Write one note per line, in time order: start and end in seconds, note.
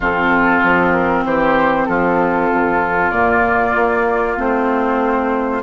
0.00 0.62 F2
0.00 3.14 C4
0.00 1.24 F4
0.00 0.91 A4
0.63 1.24 F3
0.91 1.23 A#4
1.24 1.87 E3
1.24 1.88 G4
1.24 1.85 C5
1.85 2.50 F3
1.85 5.62 F4
1.85 3.10 A4
2.51 3.11 F2
3.10 3.74 A#2
3.10 4.37 A#3
3.10 4.35 D5
3.75 4.37 A#3
4.37 5.62 A3
4.37 5.62 C4
4.37 5.62 C5